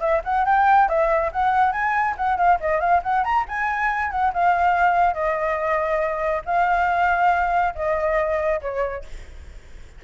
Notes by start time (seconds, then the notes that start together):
0.00 E5
0.24 F#5
0.45 G5
0.88 E5
1.32 F#5
1.72 G#5
2.17 F#5
2.37 F5
2.60 D#5
2.80 F5
3.03 F#5
3.24 A#5
3.48 G#5
4.11 F#5
4.33 F5
5.13 D#5
6.45 F5
7.75 D#5
8.61 C#5